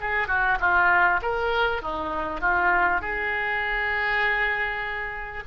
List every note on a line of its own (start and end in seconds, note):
0.00 0.27 G#4
0.27 0.58 F#4
0.60 1.20 F4
1.22 1.82 A#4
1.82 2.40 D#4
2.40 3.01 F4
3.01 5.44 G#4